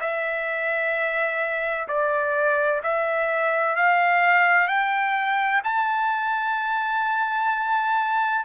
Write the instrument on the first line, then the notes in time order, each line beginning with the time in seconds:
trumpet
0.00 E5
1.87 D5
2.83 E5
3.75 F5
4.67 G5
5.64 A5